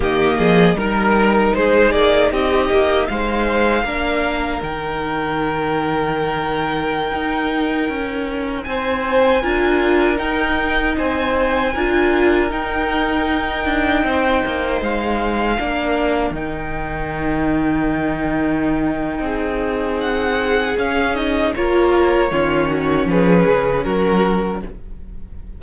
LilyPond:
<<
  \new Staff \with { instrumentName = "violin" } { \time 4/4 \tempo 4 = 78 dis''4 ais'4 c''8 d''8 dis''4 | f''2 g''2~ | g''2.~ g''16 gis''8.~ | gis''4~ gis''16 g''4 gis''4.~ gis''16~ |
gis''16 g''2. f''8.~ | f''4~ f''16 g''2~ g''8.~ | g''2 fis''4 f''8 dis''8 | cis''2 b'4 ais'4 | }
  \new Staff \with { instrumentName = "violin" } { \time 4/4 g'8 gis'8 ais'4 gis'4 g'4 | c''4 ais'2.~ | ais'2.~ ais'16 c''8.~ | c''16 ais'2 c''4 ais'8.~ |
ais'2~ ais'16 c''4.~ c''16~ | c''16 ais'2.~ ais'8.~ | ais'4 gis'2. | ais'4 f'8 fis'8 gis'4 fis'4 | }
  \new Staff \with { instrumentName = "viola" } { \time 4/4 ais4 dis'2.~ | dis'4 d'4 dis'2~ | dis'1~ | dis'16 f'4 dis'2 f'8.~ |
f'16 dis'2.~ dis'8.~ | dis'16 d'4 dis'2~ dis'8.~ | dis'2. cis'8 dis'8 | f'4 cis'2. | }
  \new Staff \with { instrumentName = "cello" } { \time 4/4 dis8 f8 g4 gis8 ais8 c'8 ais8 | gis4 ais4 dis2~ | dis4~ dis16 dis'4 cis'4 c'8.~ | c'16 d'4 dis'4 c'4 d'8.~ |
d'16 dis'4. d'8 c'8 ais8 gis8.~ | gis16 ais4 dis2~ dis8.~ | dis4 c'2 cis'4 | ais4 dis4 f8 cis8 fis4 | }
>>